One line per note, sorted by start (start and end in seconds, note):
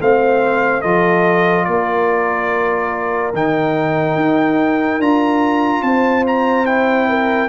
0.00 0.83 A3
0.00 0.84 C4
0.00 0.82 C5
0.00 0.82 F5
0.82 1.67 F3
0.82 3.34 F4
0.82 1.65 A4
0.82 1.65 D#5
1.65 3.33 A#3
1.65 5.85 A#4
1.65 3.32 D5
3.33 4.16 D#3
3.33 5.01 D#4
3.33 5.02 G5
4.16 4.99 D#4
4.99 5.82 D4
4.99 6.66 F4
4.99 5.83 A#5
5.83 7.49 C4
5.83 7.09 C5
5.83 6.25 A5
6.27 6.66 A#5
6.66 7.49 E4
6.66 7.49 G5
7.09 7.49 A#4